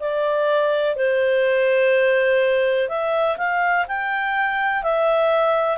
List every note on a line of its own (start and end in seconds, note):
0.00 0.96 D5
0.96 2.89 C5
2.89 3.37 E5
3.37 3.86 F5
3.88 4.83 G5
4.83 5.78 E5